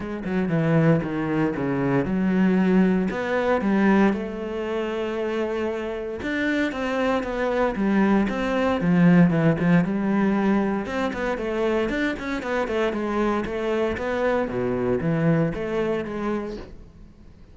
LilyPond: \new Staff \with { instrumentName = "cello" } { \time 4/4 \tempo 4 = 116 gis8 fis8 e4 dis4 cis4 | fis2 b4 g4 | a1 | d'4 c'4 b4 g4 |
c'4 f4 e8 f8 g4~ | g4 c'8 b8 a4 d'8 cis'8 | b8 a8 gis4 a4 b4 | b,4 e4 a4 gis4 | }